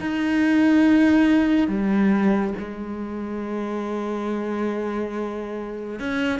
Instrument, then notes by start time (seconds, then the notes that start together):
cello
0.00 D#4
1.68 G3
2.58 G#3
5.99 C#4